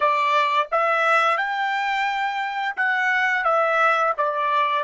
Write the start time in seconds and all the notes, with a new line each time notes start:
0.00 D5
0.71 E5
1.37 G5
2.76 F#5
3.44 E5
4.17 D5